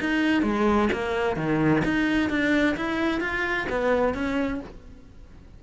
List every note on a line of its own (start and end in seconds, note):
0.00 0.42 D#4
0.42 0.89 G#3
0.92 1.36 A#3
1.36 1.82 D#3
1.84 2.30 D#4
2.30 2.76 D4
2.77 3.20 E4
3.20 3.67 F4
3.69 4.14 B3
4.14 4.60 C#4